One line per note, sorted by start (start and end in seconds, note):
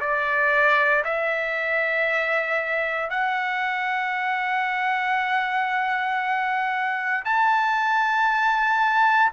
0.00 1.03 D5
1.04 3.10 E5
3.10 7.24 F#5
7.25 9.32 A5